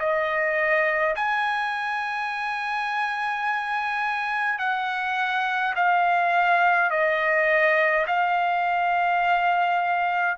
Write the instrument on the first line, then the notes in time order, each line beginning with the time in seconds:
trumpet
0.00 D#5
1.16 G#5
4.59 F#5
5.76 F5
6.91 D#5
8.07 F5